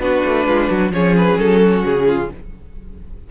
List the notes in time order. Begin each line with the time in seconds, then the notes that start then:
0.00 B3 D4 F#4 B4
0.25 A3
0.47 G#3 F4
0.69 F#3 F#4
0.91 F3 C#4 G#4 C#5
1.17 B4
1.39 F#3 A4
1.62 F#4
1.85 C#3 G#4
2.07 F4